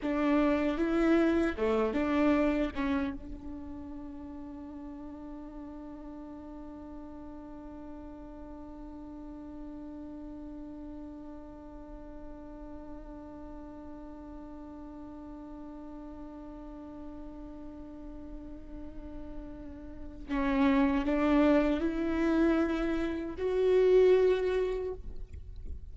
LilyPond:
\new Staff \with { instrumentName = "viola" } { \time 4/4 \tempo 4 = 77 d'4 e'4 a8 d'4 cis'8 | d'1~ | d'1~ | d'1~ |
d'1~ | d'1~ | d'2 cis'4 d'4 | e'2 fis'2 | }